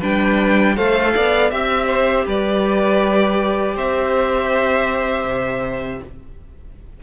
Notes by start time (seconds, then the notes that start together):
0.00 G3 D4 B4 G5
0.76 A3 A4 C5 F5
1.16 B3 D5
1.51 C4 G4 E5
1.87 C5
2.27 G3 B4 D5
3.76 C4 C5 E5
5.25 C3